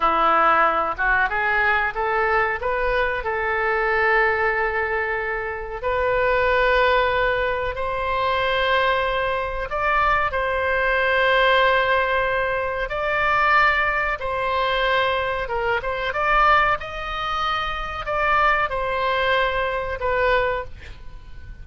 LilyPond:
\new Staff \with { instrumentName = "oboe" } { \time 4/4 \tempo 4 = 93 e'4. fis'8 gis'4 a'4 | b'4 a'2.~ | a'4 b'2. | c''2. d''4 |
c''1 | d''2 c''2 | ais'8 c''8 d''4 dis''2 | d''4 c''2 b'4 | }